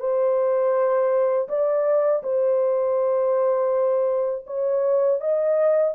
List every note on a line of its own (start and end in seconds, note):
0.00 1.48 C5
1.48 2.23 D5
2.23 4.45 C5
4.46 5.21 C#5
5.21 5.95 D#5